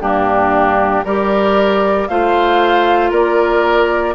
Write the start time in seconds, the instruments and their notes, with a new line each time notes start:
0.00 bassoon G2, clarinet A#3, oboe D4, flute G4
1.04 bassoon G3, clarinet G4, oboe A#4, flute D5
2.08 bassoon A3, clarinet F4, oboe C5, flute F5
3.10 bassoon A#3, oboe A#4, flute D5